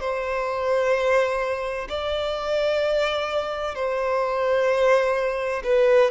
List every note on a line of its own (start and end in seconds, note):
0.00 1.87 C5
1.89 3.75 D5
3.75 5.62 C5
5.63 6.10 B4